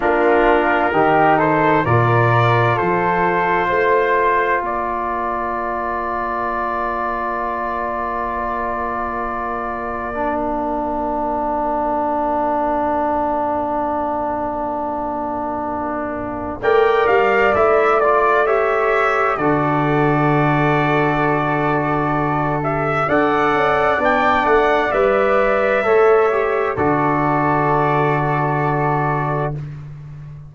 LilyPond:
<<
  \new Staff \with { instrumentName = "trumpet" } { \time 4/4 \tempo 4 = 65 ais'4. c''8 d''4 c''4~ | c''4 d''2.~ | d''2.~ d''16 f''8.~ | f''1~ |
f''2 g''8 f''8 e''8 d''8 | e''4 d''2.~ | d''8 e''8 fis''4 g''8 fis''8 e''4~ | e''4 d''2. | }
  \new Staff \with { instrumentName = "flute" } { \time 4/4 f'4 g'8 a'8 ais'4 a'4 | c''4 ais'2.~ | ais'1~ | ais'1~ |
ais'2 d''2 | cis''4 a'2.~ | a'4 d''2. | cis''4 a'2. | }
  \new Staff \with { instrumentName = "trombone" } { \time 4/4 d'4 dis'4 f'2~ | f'1~ | f'2. d'4~ | d'1~ |
d'2 ais'4 e'8 f'8 | g'4 fis'2.~ | fis'8 g'8 a'4 d'4 b'4 | a'8 g'8 fis'2. | }
  \new Staff \with { instrumentName = "tuba" } { \time 4/4 ais4 dis4 ais,4 f4 | a4 ais2.~ | ais1~ | ais1~ |
ais2 a8 g8 a4~ | a4 d2.~ | d4 d'8 cis'8 b8 a8 g4 | a4 d2. | }
>>